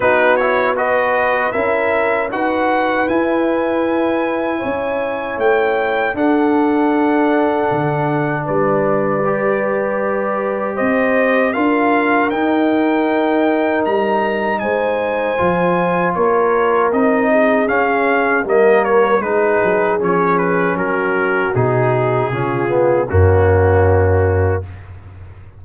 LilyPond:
<<
  \new Staff \with { instrumentName = "trumpet" } { \time 4/4 \tempo 4 = 78 b'8 cis''8 dis''4 e''4 fis''4 | gis''2. g''4 | fis''2. d''4~ | d''2 dis''4 f''4 |
g''2 ais''4 gis''4~ | gis''4 cis''4 dis''4 f''4 | dis''8 cis''8 b'4 cis''8 b'8 ais'4 | gis'2 fis'2 | }
  \new Staff \with { instrumentName = "horn" } { \time 4/4 fis'4 b'4 ais'4 b'4~ | b'2 cis''2 | a'2. b'4~ | b'2 c''4 ais'4~ |
ais'2. c''4~ | c''4 ais'4. gis'4. | ais'4 gis'2 fis'4~ | fis'4 f'4 cis'2 | }
  \new Staff \with { instrumentName = "trombone" } { \time 4/4 dis'8 e'8 fis'4 e'4 fis'4 | e'1 | d'1 | g'2. f'4 |
dis'1 | f'2 dis'4 cis'4 | ais4 dis'4 cis'2 | dis'4 cis'8 b8 ais2 | }
  \new Staff \with { instrumentName = "tuba" } { \time 4/4 b2 cis'4 dis'4 | e'2 cis'4 a4 | d'2 d4 g4~ | g2 c'4 d'4 |
dis'2 g4 gis4 | f4 ais4 c'4 cis'4 | g4 gis8 fis8 f4 fis4 | b,4 cis4 fis,2 | }
>>